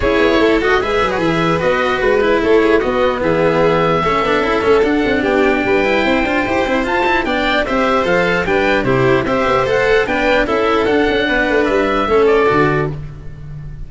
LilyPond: <<
  \new Staff \with { instrumentName = "oboe" } { \time 4/4 \tempo 4 = 149 cis''4. dis''8 e''8. fis'16 e''4 | dis''4 b'4 cis''4 dis''4 | e''1 | fis''4 g''2.~ |
g''4 a''4 g''4 e''4 | f''4 g''4 c''4 e''4 | fis''4 g''4 e''4 fis''4~ | fis''4 e''4. d''4. | }
  \new Staff \with { instrumentName = "violin" } { \time 4/4 gis'4 a'4 b'2~ | b'2 a'8 gis'8 fis'4 | gis'2 a'2~ | a'4 g'4 b'4 c''4~ |
c''2 d''4 c''4~ | c''4 b'4 g'4 c''4~ | c''4 b'4 a'2 | b'2 a'2 | }
  \new Staff \with { instrumentName = "cello" } { \time 4/4 e'4. fis'8 gis'2 | fis'4. e'4. b4~ | b2 cis'8 d'8 e'8 cis'8 | d'2~ d'8 e'4 f'8 |
g'8 e'8 f'8 e'8 d'4 g'4 | a'4 d'4 e'4 g'4 | a'4 d'4 e'4 d'4~ | d'2 cis'4 fis'4 | }
  \new Staff \with { instrumentName = "tuba" } { \time 4/4 cis'8 b8 a4 gis8 fis8 e4 | b4 gis4 a4 b4 | e2 a8 b8 cis'8 a8 | d'8 c'8 b4 g4 c'8 d'8 |
e'8 c'8 f'4 b4 c'4 | f4 g4 c4 c'8 b8 | a4 b4 cis'4 d'8 cis'8 | b8 a8 g4 a4 d4 | }
>>